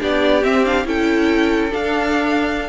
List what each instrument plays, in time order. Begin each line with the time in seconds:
0.00 cello B3, viola D4, violin G4 D5
0.43 viola C4, cello C4, violin E5
0.65 viola D4, violin F5
0.85 cello C#4, viola E4, violin A4 G5
1.71 viola D4, cello D4, violin F5